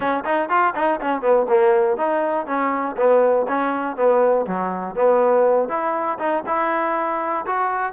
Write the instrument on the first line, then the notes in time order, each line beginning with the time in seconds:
trombone
0.00 C#4
0.24 D#4
0.49 F4
0.75 D#4
1.00 C#4
1.21 B3
1.48 A#3
1.97 D#4
2.46 C#4
2.97 B3
3.48 C#4
3.96 B3
4.46 F#3
4.95 B3
5.69 E4
6.18 D#4
6.46 E4
7.46 F#4